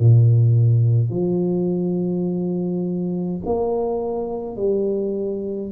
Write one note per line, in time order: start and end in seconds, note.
0.00 1.10 A#2
1.10 3.41 F3
3.46 4.57 A#3
4.57 5.72 G3